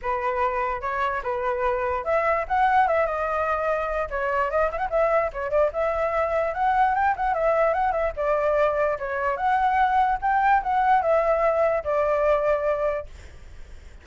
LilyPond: \new Staff \with { instrumentName = "flute" } { \time 4/4 \tempo 4 = 147 b'2 cis''4 b'4~ | b'4 e''4 fis''4 e''8 dis''8~ | dis''2 cis''4 dis''8 e''16 fis''16 | e''4 cis''8 d''8 e''2 |
fis''4 g''8 fis''8 e''4 fis''8 e''8 | d''2 cis''4 fis''4~ | fis''4 g''4 fis''4 e''4~ | e''4 d''2. | }